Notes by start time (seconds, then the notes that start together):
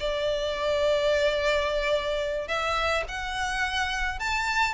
0.00 D5
2.48 E5
3.08 F#5
4.19 A5